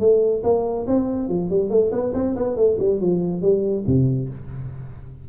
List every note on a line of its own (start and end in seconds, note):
0.00 0.43 A3
0.44 0.86 A#3
0.87 1.29 C4
1.29 1.50 F3
1.50 1.70 G3
1.70 1.91 A3
1.92 2.13 B3
2.14 2.35 C4
2.36 2.56 B3
2.56 2.78 A3
2.79 3.00 G3
3.00 3.42 F3
3.42 3.85 G3
3.87 4.29 C3